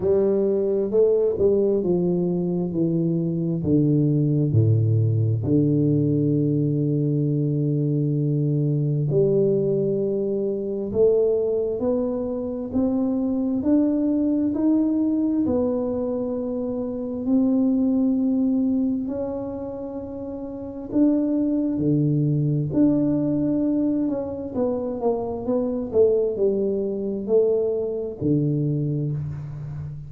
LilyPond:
\new Staff \with { instrumentName = "tuba" } { \time 4/4 \tempo 4 = 66 g4 a8 g8 f4 e4 | d4 a,4 d2~ | d2 g2 | a4 b4 c'4 d'4 |
dis'4 b2 c'4~ | c'4 cis'2 d'4 | d4 d'4. cis'8 b8 ais8 | b8 a8 g4 a4 d4 | }